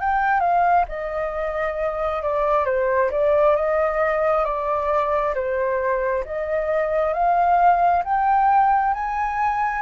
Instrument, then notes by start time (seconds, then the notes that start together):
flute
0.00 G5
0.40 F5
0.88 D#5
2.22 D5
2.65 C5
3.11 D5
3.56 D#5
4.44 D5
5.34 C5
6.25 D#5
7.13 F5
8.04 G5
8.93 G#5